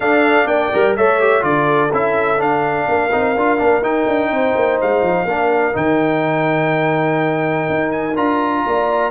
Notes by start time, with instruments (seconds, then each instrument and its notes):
0.00 tuba D4, trombone D4, horn A4, trumpet F5
0.46 tuba A#3, horn D5, trumpet G5
0.73 tuba G3, trombone A#4
0.96 tuba A3, trombone A4, horn C#5, trumpet E5
1.20 trombone G4
1.40 tuba D3, trombone F4, horn A4, trumpet D5
1.92 tuba C#4, trombone E4, trumpet E5
2.37 trombone D4, tuba D4, trumpet F5
2.88 tuba A#3, horn A#4
3.11 tuba C4, trombone D#4
3.36 tuba D4, trombone F4
3.58 tuba A#3, trombone D4
3.81 tuba D#4, trombone D#4, trumpet G5
4.07 tuba D4
4.30 tuba C4, horn C5
4.55 tuba A#3
4.81 tuba G#3, trumpet F5
5.02 tuba F3
5.24 tuba A#3, trombone D4, horn A#4
5.72 tuba D#3, trombone D#4, trumpet G5
7.69 tuba D#4
7.91 trumpet G#5
8.16 tuba D4, trombone F4, trumpet A#5
8.66 tuba A#3, horn D5